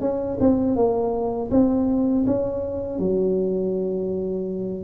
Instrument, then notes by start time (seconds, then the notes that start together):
tuba
0.00 C#4
0.40 C4
0.76 A#3
1.51 C4
2.26 C#4
2.99 F#3